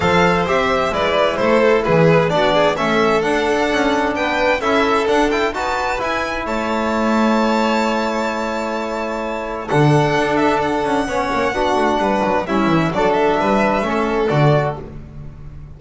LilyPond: <<
  \new Staff \with { instrumentName = "violin" } { \time 4/4 \tempo 4 = 130 f''4 e''4 d''4 c''4 | b'4 d''4 e''4 fis''4~ | fis''4 g''4 e''4 fis''8 g''8 | a''4 gis''4 a''2~ |
a''1~ | a''4 fis''4. e''8 fis''4~ | fis''2. e''4 | d''8 e''2~ e''8 d''4 | }
  \new Staff \with { instrumentName = "violin" } { \time 4/4 c''2 b'4 a'4 | gis'4 fis'8 gis'8 a'2~ | a'4 b'4 a'2 | b'2 cis''2~ |
cis''1~ | cis''4 a'2. | cis''4 fis'4 b'4 e'4 | a'4 b'4 a'2 | }
  \new Staff \with { instrumentName = "trombone" } { \time 4/4 a'4 g'4 e'2~ | e'4 d'4 cis'4 d'4~ | d'2 e'4 d'8 e'8 | fis'4 e'2.~ |
e'1~ | e'4 d'2. | cis'4 d'2 cis'4 | d'2 cis'4 fis'4 | }
  \new Staff \with { instrumentName = "double bass" } { \time 4/4 f4 c'4 gis4 a4 | e4 b4 a4 d'4 | cis'4 b4 cis'4 d'4 | dis'4 e'4 a2~ |
a1~ | a4 d4 d'4. cis'8 | b8 ais8 b8 a8 g8 fis8 g8 e8 | fis4 g4 a4 d4 | }
>>